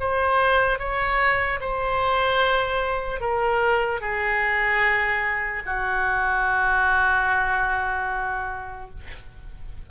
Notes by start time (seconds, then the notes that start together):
0.00 C5
0.79 C#5
1.61 C5
3.21 A#4
4.01 G#4
5.66 F#4